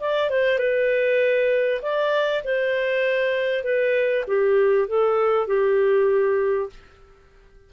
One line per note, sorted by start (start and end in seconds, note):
0.00 0.30 D5
0.30 0.58 C5
0.58 1.81 B4
1.82 2.43 D5
2.44 3.64 C5
3.64 4.25 B4
4.27 4.88 G4
4.88 5.47 A4
5.47 6.70 G4